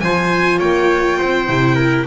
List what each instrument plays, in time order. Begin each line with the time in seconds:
0.00 double bass F3, viola F4, trumpet C5, violin G#5
0.58 double bass A#3, trumpet C#5, violin G5
1.18 double bass C4, trumpet C5
1.48 double bass C3, viola E4
1.75 trumpet A#4